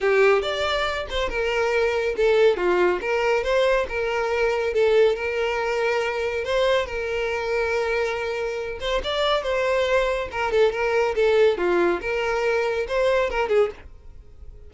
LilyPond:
\new Staff \with { instrumentName = "violin" } { \time 4/4 \tempo 4 = 140 g'4 d''4. c''8 ais'4~ | ais'4 a'4 f'4 ais'4 | c''4 ais'2 a'4 | ais'2. c''4 |
ais'1~ | ais'8 c''8 d''4 c''2 | ais'8 a'8 ais'4 a'4 f'4 | ais'2 c''4 ais'8 gis'8 | }